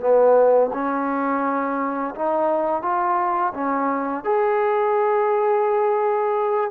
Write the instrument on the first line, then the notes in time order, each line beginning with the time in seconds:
trombone
0.00 B3
0.73 C#4
2.15 D#4
2.82 F4
3.54 C#4
4.24 G#4